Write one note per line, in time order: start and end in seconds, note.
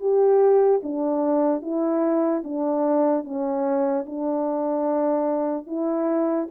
0.00 0.81 G4
0.83 1.62 D4
1.62 2.43 E4
2.44 3.24 D4
3.24 4.05 C#4
4.07 5.66 D4
5.66 6.48 E4